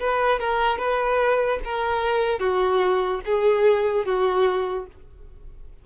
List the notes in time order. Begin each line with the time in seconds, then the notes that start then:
0.00 B4
0.40 A#4
0.79 B4
1.65 A#4
2.40 F#4
3.26 G#4
4.05 F#4